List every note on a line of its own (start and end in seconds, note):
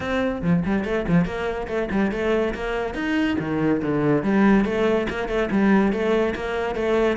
0.00 0.41 C4
0.42 0.63 F3
0.65 0.84 G3
0.84 1.05 A3
1.08 1.25 F3
1.25 1.67 A#3
1.67 1.88 A3
1.91 2.11 G3
2.11 2.54 A3
2.54 2.94 A#3
2.94 3.36 D#4
3.39 3.81 D#3
3.82 4.23 D3
4.23 4.65 G3
4.65 5.07 A3
5.09 5.28 A#3
5.28 5.49 A3
5.51 5.92 G3
5.92 6.34 A3
6.35 6.75 A#3
6.75 7.16 A3